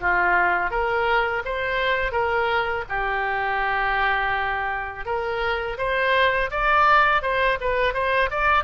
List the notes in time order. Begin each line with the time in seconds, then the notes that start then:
0.00 F4
0.70 A#4
1.45 C5
2.12 A#4
2.89 G4
5.05 A#4
5.77 C5
6.50 D5
7.22 C5
7.60 B4
7.93 C5
8.30 D5